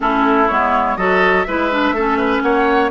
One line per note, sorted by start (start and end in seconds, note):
0.00 0.49 A3
0.00 0.49 C#4
0.00 0.97 E4
0.00 0.48 A4
0.48 0.96 G#3
0.48 0.98 B3
0.48 0.96 C#5
0.96 1.45 F#3
0.96 1.46 F#4
0.96 1.46 A4
0.96 1.43 D#5
1.43 1.91 G#3
1.43 1.71 E4
1.43 1.95 B4
1.43 2.40 E5
1.71 1.95 D4
1.91 2.39 A3
1.91 2.17 A4
1.97 2.91 C#4
2.17 2.42 B4
2.42 2.91 A#3
2.42 2.91 C#5
2.42 2.91 F#5